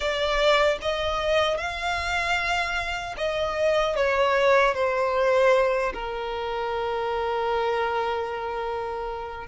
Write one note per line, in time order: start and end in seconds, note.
0.00 0.78 D5
0.81 1.57 D#5
1.57 3.15 F5
3.17 3.96 D#5
3.96 4.74 C#5
4.74 5.92 C5
5.93 9.47 A#4